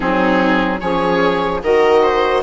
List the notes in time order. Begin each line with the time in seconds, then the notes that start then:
0.00 F#3 C4 D#4 G#4
0.79 F3 C#4 G#4 C#5
1.62 D#3 F#4 A#4 D#5
2.02 C5